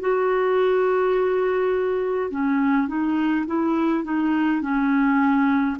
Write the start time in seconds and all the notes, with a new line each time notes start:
0.00 F#4
2.31 C#4
2.88 D#4
3.47 E4
4.04 D#4
4.62 C#4